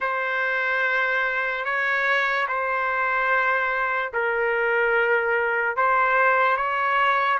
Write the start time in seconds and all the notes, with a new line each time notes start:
0.00 C5
1.64 C#5
2.48 C5
4.13 A#4
5.76 C5
6.56 C#5